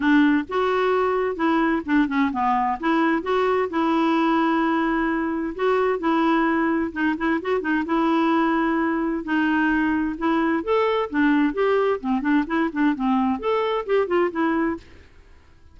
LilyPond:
\new Staff \with { instrumentName = "clarinet" } { \time 4/4 \tempo 4 = 130 d'4 fis'2 e'4 | d'8 cis'8 b4 e'4 fis'4 | e'1 | fis'4 e'2 dis'8 e'8 |
fis'8 dis'8 e'2. | dis'2 e'4 a'4 | d'4 g'4 c'8 d'8 e'8 d'8 | c'4 a'4 g'8 f'8 e'4 | }